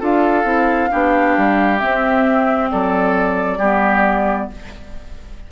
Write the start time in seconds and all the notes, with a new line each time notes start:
0.00 D4 F4 A4 F5
0.44 C4 E4
0.90 B3 D4 G4
1.37 G3
1.79 C4 E5
2.71 F#3 A4 D5
3.58 G3 B3 G4